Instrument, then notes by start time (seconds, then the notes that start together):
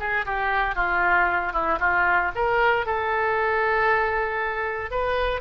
oboe
0.00 G#4
0.26 G4
0.76 F4
1.54 E4
1.80 F4
2.36 A#4
2.87 A4
4.91 B4